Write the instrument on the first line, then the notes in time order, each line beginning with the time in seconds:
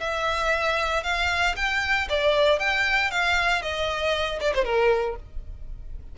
violin
0.00 E5
1.03 F5
1.56 G5
2.09 D5
2.59 G5
3.11 F5
3.62 D#5
4.41 D5
4.54 C5
4.64 A#4